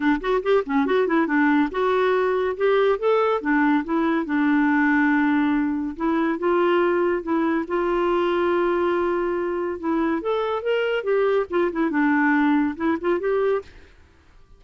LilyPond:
\new Staff \with { instrumentName = "clarinet" } { \time 4/4 \tempo 4 = 141 d'8 fis'8 g'8 cis'8 fis'8 e'8 d'4 | fis'2 g'4 a'4 | d'4 e'4 d'2~ | d'2 e'4 f'4~ |
f'4 e'4 f'2~ | f'2. e'4 | a'4 ais'4 g'4 f'8 e'8 | d'2 e'8 f'8 g'4 | }